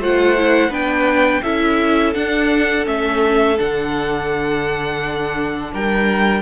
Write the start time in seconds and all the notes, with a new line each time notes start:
0.00 A3 F4 C5 F#5
0.38 E4
0.70 B3 D4 B4 G5
1.43 C#4 E4 A4 E5
2.15 D4 F#5
2.85 A3 C#4 E5
3.59 D3 D4 F#5
5.74 G3 A#4 G5